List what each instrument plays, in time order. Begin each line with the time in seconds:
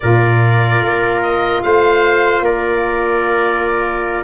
0.00 tuba A#2, saxophone F4, trumpet A#4, oboe D5
0.80 tuba A#3
1.22 oboe D#5
1.62 tuba A3, trumpet C5, oboe F5
2.40 tuba A#3, trumpet A#4, oboe D5